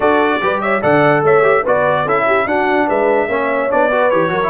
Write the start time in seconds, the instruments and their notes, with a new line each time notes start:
0.00 tuba D4, trombone F#4, horn A4, trumpet D5
0.41 tuba G3, trombone G4, horn B4
0.61 horn C#5, trumpet E5
0.81 tuba D3, trombone A4, horn D5, trumpet F#5
1.23 tuba A3, horn C#5, trumpet E5
1.42 trombone G4
1.63 tuba B3, trombone F#4, horn B4, trumpet D5
2.04 tuba C#4, trombone E4, horn A4, trumpet E5
2.26 horn G4
2.45 tuba D4, trombone D4, horn F#4, trumpet F#5
2.87 tuba G#3, horn B4, trumpet E5
3.28 tuba A#3, trombone C#4, horn C#5
3.69 tuba B3, trombone D4, trumpet D5
3.90 trombone F#4, horn B4
4.10 tuba E3, trombone G4, trumpet C#5
4.29 tuba F#3, trombone F#4, horn A#4
4.42 trombone E4